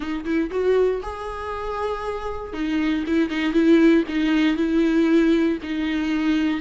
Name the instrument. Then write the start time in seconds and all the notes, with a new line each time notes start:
viola
0.00 D#4
0.24 E4
0.50 F#4
1.02 G#4
2.53 D#4
3.06 E4
3.29 D#4
3.52 E4
4.08 D#4
4.56 E4
5.62 D#4